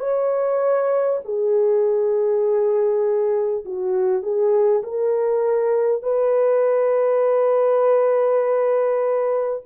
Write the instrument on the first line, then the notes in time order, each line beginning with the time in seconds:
horn
0.00 C#5
1.24 G#4
3.65 F#4
4.22 G#4
4.83 A#4
6.02 B4